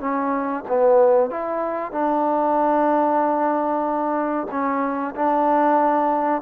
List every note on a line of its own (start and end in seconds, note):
0.00 0.64 C#4
0.68 1.30 B3
1.30 1.92 E4
1.92 4.47 D4
4.51 5.15 C#4
5.16 6.42 D4